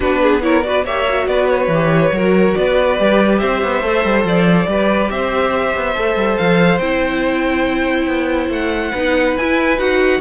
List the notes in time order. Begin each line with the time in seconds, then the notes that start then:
0.00 B3 D4 F#4 B4
0.22 G#4
0.41 E4 A#4 C#5
0.63 F#4 B4 D5
0.85 A#3 G4 C#5 E5
1.09 F#4
1.27 B3 B4 D5
1.48 C#5
1.67 E3 G4
2.12 F#3 F#4 A#4
2.54 B3 B4 D5
2.97 G3 G4
3.38 C4 C5 E5
3.63 B3
3.82 A3 A4
4.04 G3
4.23 F3 D5
4.66 G3 G4 B4
5.10 C4 C5 E5
5.75 B3
5.95 A3 A4
6.15 G3
6.37 F3 F5
6.78 C4 E4 G5
8.06 B3
8.49 A3 F#5
8.91 B3 D#4 B4
9.37 E4 G#5
9.77 D#4 F#4 F#5